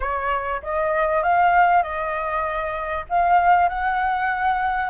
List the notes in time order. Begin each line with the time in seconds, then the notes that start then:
0.00 C#5
0.62 D#5
1.22 F5
1.82 D#5
3.09 F5
3.68 F#5